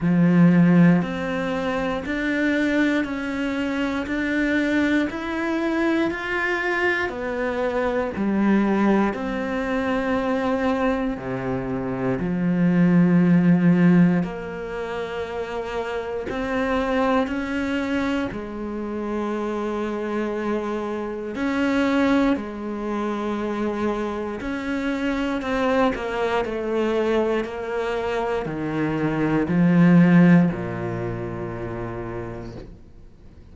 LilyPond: \new Staff \with { instrumentName = "cello" } { \time 4/4 \tempo 4 = 59 f4 c'4 d'4 cis'4 | d'4 e'4 f'4 b4 | g4 c'2 c4 | f2 ais2 |
c'4 cis'4 gis2~ | gis4 cis'4 gis2 | cis'4 c'8 ais8 a4 ais4 | dis4 f4 ais,2 | }